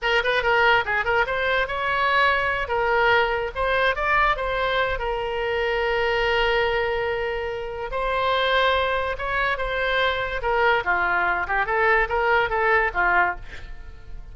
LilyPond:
\new Staff \with { instrumentName = "oboe" } { \time 4/4 \tempo 4 = 144 ais'8 b'8 ais'4 gis'8 ais'8 c''4 | cis''2~ cis''8 ais'4.~ | ais'8 c''4 d''4 c''4. | ais'1~ |
ais'2. c''4~ | c''2 cis''4 c''4~ | c''4 ais'4 f'4. g'8 | a'4 ais'4 a'4 f'4 | }